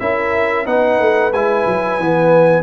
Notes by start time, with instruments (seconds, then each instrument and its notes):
0.00 tuba C#4, trombone E4, horn A#4, trumpet E5
0.66 tuba B3, trombone D#4, horn B4, trumpet F#5
1.00 tuba A3
1.33 tuba G#3, trombone E4, trumpet G#5
1.67 tuba F#3
1.99 tuba E3, trombone B3